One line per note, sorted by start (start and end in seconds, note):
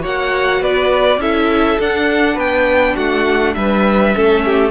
0.00 0.60 A#3
0.00 1.18 F#4
0.00 0.61 C#5
0.00 0.63 F#5
0.60 1.17 B3
0.60 1.20 B4
0.60 1.21 D5
1.17 1.76 C#4
1.17 1.79 E4
1.17 2.34 A4
1.17 1.80 E5
1.79 2.37 D4
1.79 4.15 D4
1.79 2.38 F#5
2.34 2.95 B3
2.34 2.93 B4
2.34 2.96 G5
2.95 3.55 A3
2.95 3.54 F#4
2.95 3.54 F#5
3.54 4.14 G3
3.54 4.15 B4
3.54 4.71 E5
4.15 4.71 A3
4.15 4.71 C#4
4.15 4.45 A4
4.45 4.71 G4